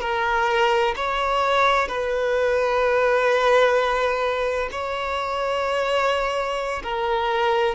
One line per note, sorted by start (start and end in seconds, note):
0.00 0.94 A#4
0.95 1.87 C#5
1.87 4.69 B4
4.71 6.82 C#5
6.83 7.75 A#4